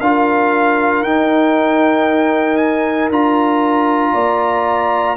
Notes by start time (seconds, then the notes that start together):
0.00 D4 F4 A#4 F5
1.03 D#4 G5
2.57 G#5
3.10 D4 F4 A#5
4.13 A#3 D5